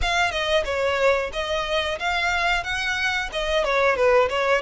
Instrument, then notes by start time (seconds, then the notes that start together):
violin
0.01 F5
0.31 D#5
0.64 C#5
1.32 D#5
1.99 F5
2.63 F#5
3.32 D#5
3.64 C#5
3.96 B4
4.29 C#5